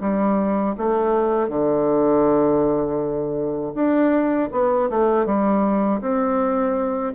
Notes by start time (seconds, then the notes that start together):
0.00 G3
0.77 A3
1.48 D3
3.74 D4
4.52 B3
4.90 A3
5.25 G3
6.00 C4